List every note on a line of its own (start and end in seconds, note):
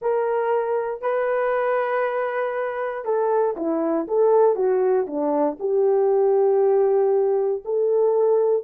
0.01 1.01 A#4
1.01 3.04 B4
3.04 3.55 A4
3.56 4.07 E4
4.07 4.55 A4
4.55 5.06 F#4
5.06 5.57 D4
5.59 7.63 G4
7.64 8.63 A4